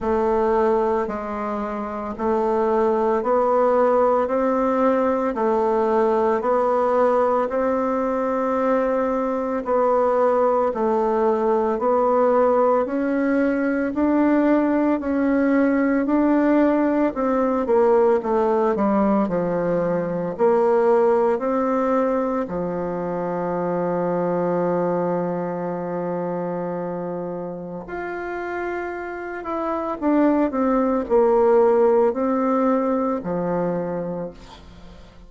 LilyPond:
\new Staff \with { instrumentName = "bassoon" } { \time 4/4 \tempo 4 = 56 a4 gis4 a4 b4 | c'4 a4 b4 c'4~ | c'4 b4 a4 b4 | cis'4 d'4 cis'4 d'4 |
c'8 ais8 a8 g8 f4 ais4 | c'4 f2.~ | f2 f'4. e'8 | d'8 c'8 ais4 c'4 f4 | }